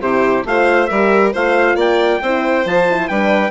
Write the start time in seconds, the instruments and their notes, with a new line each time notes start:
0.00 bassoon C3, horn E4, violin G4, trumpet C5
0.44 bassoon A3, horn F4, violin C5, trumpet F5
0.86 bassoon G3, horn G4, violin A#4, trumpet E5
1.32 bassoon A3, horn F4, violin C5, trumpet F5
1.75 bassoon A#3, violin D5, trumpet G5
2.22 bassoon C4, horn E4, violin C5
2.65 bassoon F3, horn F4, trumpet A5
2.89 horn E4
3.08 bassoon G3, horn D4, violin B4, trumpet G5